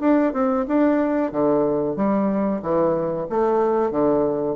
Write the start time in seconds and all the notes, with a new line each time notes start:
0.00 D4
0.33 C4
0.68 D4
1.32 D3
1.96 G3
2.62 E3
3.29 A3
3.91 D3